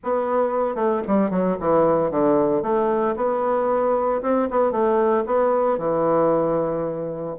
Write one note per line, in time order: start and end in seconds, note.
0.03 0.75 B3
0.75 1.01 A3
1.07 1.30 G3
1.30 1.56 F#3
1.60 2.10 E3
2.10 2.62 D3
2.62 3.15 A3
3.16 4.21 B3
4.22 4.48 C4
4.50 4.71 B3
4.71 5.24 A3
5.26 5.78 B3
5.78 7.35 E3